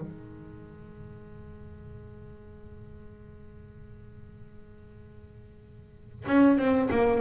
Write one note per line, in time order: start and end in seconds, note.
0.00 6.25 G#3
6.27 6.57 C#4
6.57 6.89 C4
6.90 7.20 A#3